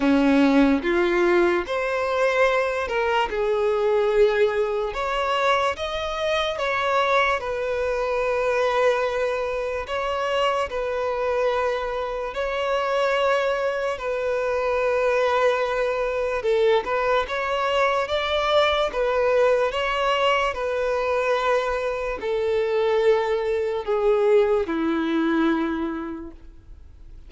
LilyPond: \new Staff \with { instrumentName = "violin" } { \time 4/4 \tempo 4 = 73 cis'4 f'4 c''4. ais'8 | gis'2 cis''4 dis''4 | cis''4 b'2. | cis''4 b'2 cis''4~ |
cis''4 b'2. | a'8 b'8 cis''4 d''4 b'4 | cis''4 b'2 a'4~ | a'4 gis'4 e'2 | }